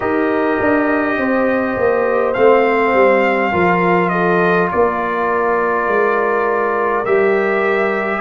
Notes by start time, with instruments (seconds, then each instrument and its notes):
0.00 tuba D#4, trombone G4, horn A#4, trumpet D#5
0.60 tuba D4
1.17 tuba C4, horn C5
1.76 tuba A#3
2.33 tuba A3, trombone C4, trumpet F5
2.93 tuba G3
3.51 tuba F3, trombone F4, horn A#4
4.09 horn A4, trumpet D#5
4.71 tuba A#3, horn A#4, trumpet D5
5.87 tuba G#3
7.05 tuba G3, trombone G4, trumpet E5